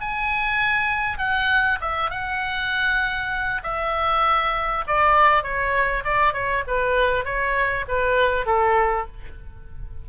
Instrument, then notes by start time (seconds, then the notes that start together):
oboe
0.00 G#5
1.18 F#5
1.80 E5
2.10 F#5
3.63 E5
4.87 D5
5.43 C#5
6.04 D5
6.33 C#5
6.67 B4
7.24 C#5
7.88 B4
8.46 A4